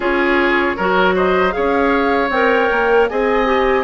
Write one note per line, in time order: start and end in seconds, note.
0.00 0.75 C#4
0.00 0.77 F4
0.00 0.76 G#4
0.00 1.16 C#5
0.76 1.55 F#3
0.76 1.50 F#4
0.76 1.15 A#4
1.15 1.53 C5
1.15 1.52 D#5
1.50 2.27 G#4
1.50 3.09 C#5
1.50 2.29 F5
1.57 2.29 C#4
2.29 2.68 C4
2.29 3.10 A#4
2.29 3.07 G5
2.71 3.10 A#3
3.08 3.84 C4
3.08 3.45 G#4
3.08 3.84 D#5
3.08 3.84 G#5
3.45 3.84 G4